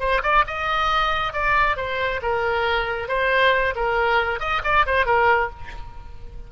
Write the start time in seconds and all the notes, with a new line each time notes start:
0.00 C5
0.23 D5
0.47 D#5
1.33 D5
1.77 C5
2.23 A#4
3.08 C5
3.76 A#4
4.40 D#5
4.64 D5
4.86 C5
5.06 A#4